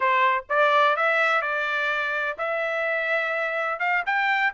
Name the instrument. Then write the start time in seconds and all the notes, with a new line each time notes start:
trumpet
0.00 C5
0.49 D5
0.96 E5
1.41 D5
2.37 E5
3.79 F5
4.06 G5